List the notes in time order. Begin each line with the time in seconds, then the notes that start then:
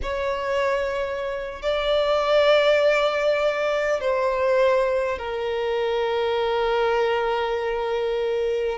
0.02 C#5
1.61 D5
4.00 C5
5.18 A#4